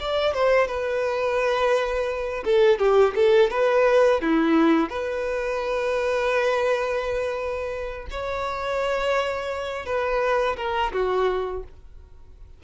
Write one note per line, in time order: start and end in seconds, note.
0.00 0.34 D5
0.34 0.68 C5
0.68 2.44 B4
2.45 2.79 A4
2.79 3.14 G4
3.16 3.51 A4
3.51 4.22 B4
4.22 4.90 E4
4.90 8.07 B4
8.11 9.86 C#5
9.86 10.57 B4
10.57 10.92 A#4
10.93 11.63 F#4